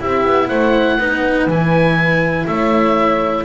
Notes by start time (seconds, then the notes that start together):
0.00 C4 E4 G4 E5
0.25 B3
0.48 A3 C5 F#5
0.99 B3 D#4 B4
1.47 E3 E4 G#5
2.48 A3 C#5 E5